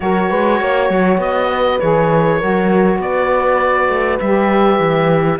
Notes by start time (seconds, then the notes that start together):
0.00 F#3 F#4 A#4 C#5
0.29 G#3 B4
0.60 A#3 C#5
0.90 F#3
1.17 B3 D#5
1.50 B4
1.79 E3 G#4 C#5
2.38 F#3 F#4 A#4
2.98 B3 B4 D5
3.88 A3
4.19 G3 G4 E5
4.79 E3